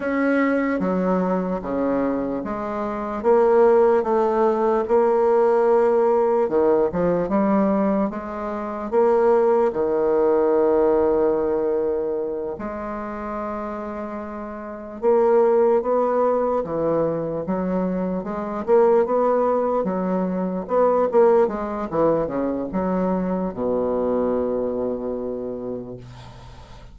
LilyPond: \new Staff \with { instrumentName = "bassoon" } { \time 4/4 \tempo 4 = 74 cis'4 fis4 cis4 gis4 | ais4 a4 ais2 | dis8 f8 g4 gis4 ais4 | dis2.~ dis8 gis8~ |
gis2~ gis8 ais4 b8~ | b8 e4 fis4 gis8 ais8 b8~ | b8 fis4 b8 ais8 gis8 e8 cis8 | fis4 b,2. | }